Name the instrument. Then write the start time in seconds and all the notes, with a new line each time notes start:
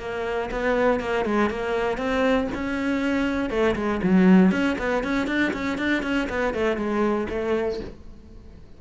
cello
0.00 A#3
0.52 B3
1.01 A#3
1.26 G#3
1.51 A#3
1.98 C4
2.55 C#4
3.51 A3
3.76 G#3
4.03 F#3
4.52 C#4
4.79 B3
5.04 C#4
5.28 D4
5.54 C#4
5.79 D4
6.03 C#4
6.30 B3
6.55 A3
6.77 G#3
7.30 A3